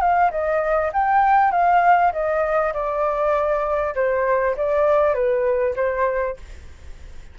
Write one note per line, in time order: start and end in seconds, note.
0.00 0.30 F5
0.31 0.91 D#5
0.93 1.51 G5
1.51 2.12 F5
2.12 2.73 D#5
2.73 3.94 D5
3.95 4.55 C5
4.56 5.13 D5
5.13 5.74 B4
5.75 6.36 C5